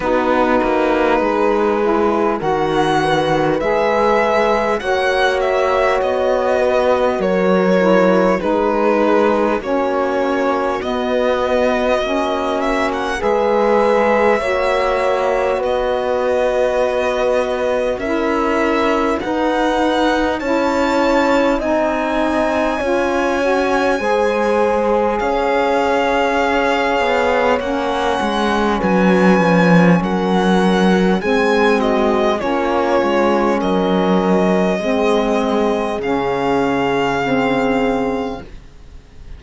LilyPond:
<<
  \new Staff \with { instrumentName = "violin" } { \time 4/4 \tempo 4 = 50 b'2 fis''4 e''4 | fis''8 e''8 dis''4 cis''4 b'4 | cis''4 dis''4. e''16 fis''16 e''4~ | e''4 dis''2 e''4 |
fis''4 a''4 gis''2~ | gis''4 f''2 fis''4 | gis''4 fis''4 gis''8 dis''8 cis''4 | dis''2 f''2 | }
  \new Staff \with { instrumentName = "horn" } { \time 4/4 fis'4 gis'4 ais'8 b'4. | cis''4. b'8 ais'4 gis'4 | fis'2. b'4 | cis''4 b'2 ais'4 |
b'4 cis''4 dis''4 cis''4 | c''4 cis''2. | b'4 ais'4 gis'8 fis'8 f'4 | ais'4 gis'2. | }
  \new Staff \with { instrumentName = "saxophone" } { \time 4/4 dis'4. e'8 fis'4 gis'4 | fis'2~ fis'8 e'8 dis'4 | cis'4 b4 cis'4 gis'4 | fis'2. e'4 |
dis'4 e'4 dis'4 f'8 fis'8 | gis'2. cis'4~ | cis'2 c'4 cis'4~ | cis'4 c'4 cis'4 c'4 | }
  \new Staff \with { instrumentName = "cello" } { \time 4/4 b8 ais8 gis4 dis4 gis4 | ais4 b4 fis4 gis4 | ais4 b4 ais4 gis4 | ais4 b2 cis'4 |
dis'4 cis'4 c'4 cis'4 | gis4 cis'4. b8 ais8 gis8 | fis8 f8 fis4 gis4 ais8 gis8 | fis4 gis4 cis2 | }
>>